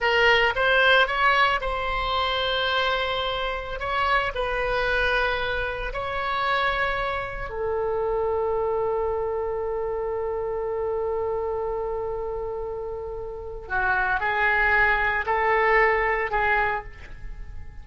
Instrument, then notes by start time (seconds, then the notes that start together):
oboe
0.00 A#4
0.55 C5
1.07 C#5
1.60 C5
3.79 C#5
4.34 B4
5.93 C#5
7.49 A4
13.68 F#4
14.19 G#4
15.26 A4
16.31 G#4